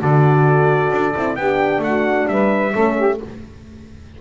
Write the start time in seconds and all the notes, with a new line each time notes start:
0.00 D3 F#4 A4 D5
0.92 D4
1.17 C4 E4
1.36 B3 D4 G4 G5
1.79 A3 F#5
1.87 F#4
2.28 G3 B4 E5
2.73 A3 C#4 A4
2.98 G4